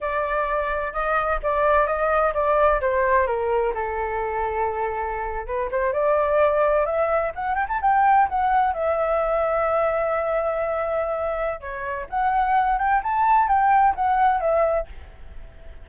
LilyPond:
\new Staff \with { instrumentName = "flute" } { \time 4/4 \tempo 4 = 129 d''2 dis''4 d''4 | dis''4 d''4 c''4 ais'4 | a'2.~ a'8. b'16~ | b'16 c''8 d''2 e''4 fis''16~ |
fis''16 g''16 a''16 g''4 fis''4 e''4~ e''16~ | e''1~ | e''4 cis''4 fis''4. g''8 | a''4 g''4 fis''4 e''4 | }